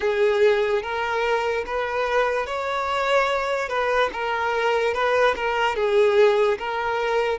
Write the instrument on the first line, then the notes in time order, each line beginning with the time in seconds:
violin
0.00 G#4
0.82 A#4
1.66 B4
2.46 C#5
3.68 B4
4.12 A#4
4.94 B4
5.35 A#4
5.75 G#4
6.58 A#4